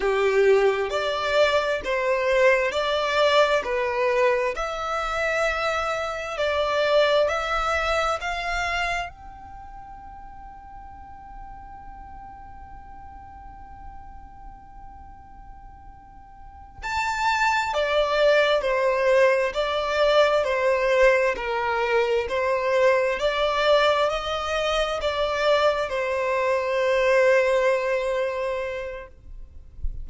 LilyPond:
\new Staff \with { instrumentName = "violin" } { \time 4/4 \tempo 4 = 66 g'4 d''4 c''4 d''4 | b'4 e''2 d''4 | e''4 f''4 g''2~ | g''1~ |
g''2~ g''8 a''4 d''8~ | d''8 c''4 d''4 c''4 ais'8~ | ais'8 c''4 d''4 dis''4 d''8~ | d''8 c''2.~ c''8 | }